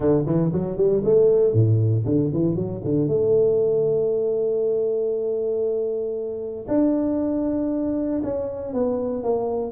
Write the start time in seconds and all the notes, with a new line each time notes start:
0.00 D3
0.26 E3
0.52 F#3
0.77 G3
1.04 A3
1.53 A2
2.05 D3
2.33 E3
2.55 F#3
2.83 D3
3.07 A3
6.67 D4
8.23 C#4
8.73 B3
9.23 A#3